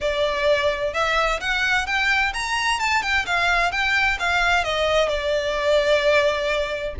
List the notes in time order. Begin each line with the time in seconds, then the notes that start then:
0.00 D5
0.93 E5
1.40 F#5
1.86 G5
2.33 A#5
2.79 A5
3.02 G5
3.26 F5
3.71 G5
4.19 F5
4.64 D#5
5.08 D5